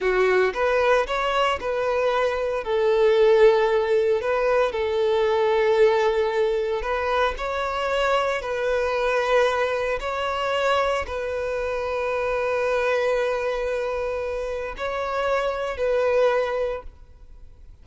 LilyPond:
\new Staff \with { instrumentName = "violin" } { \time 4/4 \tempo 4 = 114 fis'4 b'4 cis''4 b'4~ | b'4 a'2. | b'4 a'2.~ | a'4 b'4 cis''2 |
b'2. cis''4~ | cis''4 b'2.~ | b'1 | cis''2 b'2 | }